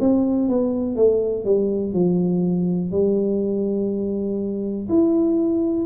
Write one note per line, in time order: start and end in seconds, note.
0.00 0.49 C4
0.49 0.96 B3
0.96 1.45 A3
1.45 1.93 G3
1.93 2.92 F3
2.92 4.89 G3
4.90 5.86 E4